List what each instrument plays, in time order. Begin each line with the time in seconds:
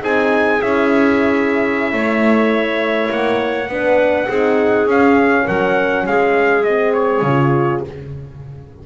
0.00 double bass C4, horn D#4, clarinet G#4, trumpet G#5
0.59 double bass C#4, horn E4, trumpet E5
1.93 double bass A3, clarinet C#5
3.11 double bass A#3, trumpet F#5
3.69 double bass B3, horn D4, clarinet B4
4.29 double bass C4, horn D#4, clarinet G#4
4.86 double bass C#4, horn C#4, trumpet F5
5.44 double bass F#3, clarinet A#4, trumpet F#5
6.07 double bass G#3, clarinet G#4, trumpet F5
6.63 horn C4, trumpet D#5
6.94 trumpet C#5
7.22 double bass C#3, horn F4